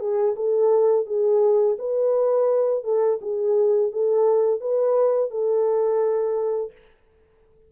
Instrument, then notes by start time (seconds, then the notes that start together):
horn
0.00 G#4
0.36 A4
1.06 G#4
1.79 B4
2.84 A4
3.22 G#4
3.92 A4
4.61 B4
5.31 A4